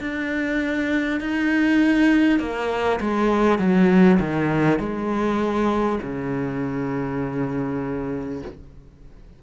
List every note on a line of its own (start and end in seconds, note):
0.00 1.20 D4
1.20 2.39 D#4
2.39 2.99 A#3
3.00 3.58 G#3
3.58 4.18 F#3
4.19 4.79 D#3
4.79 5.99 G#3
6.02 8.42 C#3